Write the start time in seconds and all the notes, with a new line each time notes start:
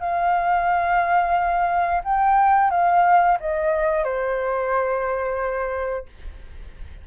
0.00 F5
2.04 G5
2.71 F5
3.40 D#5
4.04 C5